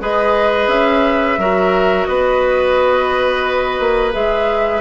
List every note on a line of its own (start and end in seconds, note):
0.00 0.68 G#3
0.00 1.38 G#4
0.00 1.39 B4
0.00 0.69 D#5
0.68 1.36 C#4
0.68 2.05 E5
1.38 2.07 F#3
1.38 4.12 F#4
1.38 2.08 A#4
2.05 3.80 B3
2.05 4.81 B4
2.05 4.12 D#5
3.80 4.14 A#3
4.12 4.81 G#3
4.12 4.81 G#4
4.12 4.81 E5